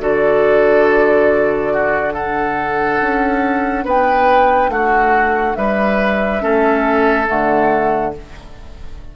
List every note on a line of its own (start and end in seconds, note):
0.00 3.01 D3
0.00 2.13 F#4
0.00 1.73 A4
0.00 2.13 D5
1.73 2.14 F#4
2.13 6.41 D4
2.13 3.85 A4
2.13 3.85 F#5
3.01 3.85 C#4
3.85 4.69 B3
3.85 4.70 B4
3.85 4.71 G5
4.69 5.55 A3
4.69 5.57 F#4
4.69 5.56 F#5
5.56 6.42 G3
5.56 6.43 B4
5.56 7.27 E5
6.41 7.29 A3
6.41 7.27 C#4
6.41 8.14 A4
7.27 8.16 D3
7.27 8.12 A3
7.27 8.14 F#5